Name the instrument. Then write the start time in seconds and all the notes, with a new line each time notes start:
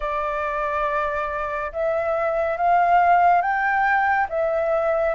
flute
0.00 D5
1.72 E5
2.57 F5
3.41 G5
4.29 E5